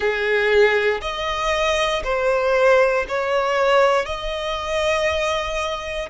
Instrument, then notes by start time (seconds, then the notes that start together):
violin
0.00 G#4
1.01 D#5
2.03 C5
3.08 C#5
4.05 D#5